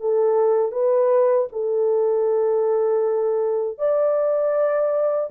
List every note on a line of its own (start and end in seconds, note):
0.00 0.71 A4
0.71 1.47 B4
1.52 3.78 A4
3.78 5.30 D5